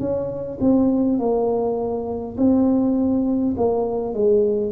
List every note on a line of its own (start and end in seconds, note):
0.00 0.59 C#4
0.61 1.19 C4
1.19 2.37 A#3
2.38 3.56 C4
3.57 4.14 A#3
4.14 4.72 G#3